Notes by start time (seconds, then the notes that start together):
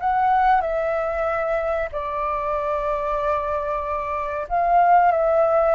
0.00 F#5
0.62 E5
1.92 D5
4.49 F5
5.12 E5